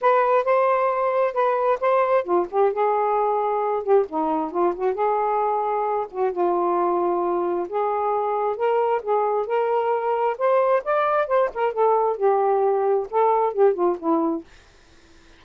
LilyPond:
\new Staff \with { instrumentName = "saxophone" } { \time 4/4 \tempo 4 = 133 b'4 c''2 b'4 | c''4 f'8 g'8 gis'2~ | gis'8 g'8 dis'4 f'8 fis'8 gis'4~ | gis'4. fis'8 f'2~ |
f'4 gis'2 ais'4 | gis'4 ais'2 c''4 | d''4 c''8 ais'8 a'4 g'4~ | g'4 a'4 g'8 f'8 e'4 | }